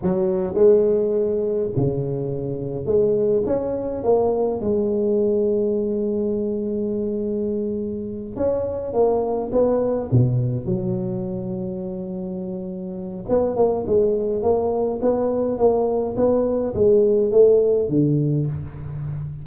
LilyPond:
\new Staff \with { instrumentName = "tuba" } { \time 4/4 \tempo 4 = 104 fis4 gis2 cis4~ | cis4 gis4 cis'4 ais4 | gis1~ | gis2~ gis8 cis'4 ais8~ |
ais8 b4 b,4 fis4.~ | fis2. b8 ais8 | gis4 ais4 b4 ais4 | b4 gis4 a4 d4 | }